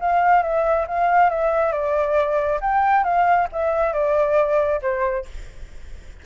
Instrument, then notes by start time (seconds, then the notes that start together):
flute
0.00 F5
0.42 E5
0.87 F5
1.30 E5
1.72 D5
2.60 G5
3.04 F5
3.52 E5
3.93 D5
4.82 C5